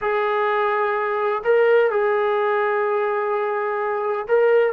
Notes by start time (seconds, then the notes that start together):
0.01 G#4
1.43 A#4
1.90 G#4
4.28 A#4